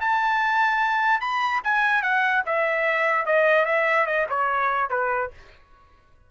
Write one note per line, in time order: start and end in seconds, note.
0.00 1.20 A5
1.20 1.61 B5
1.63 2.02 G#5
2.02 2.43 F#5
2.45 3.26 E5
3.26 3.65 D#5
3.65 4.06 E5
4.06 4.26 D#5
4.29 4.89 C#5
4.89 5.30 B4